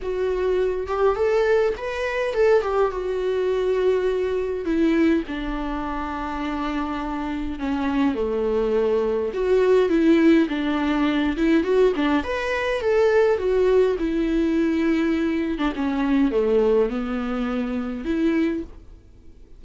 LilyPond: \new Staff \with { instrumentName = "viola" } { \time 4/4 \tempo 4 = 103 fis'4. g'8 a'4 b'4 | a'8 g'8 fis'2. | e'4 d'2.~ | d'4 cis'4 a2 |
fis'4 e'4 d'4. e'8 | fis'8 d'8 b'4 a'4 fis'4 | e'2~ e'8. d'16 cis'4 | a4 b2 e'4 | }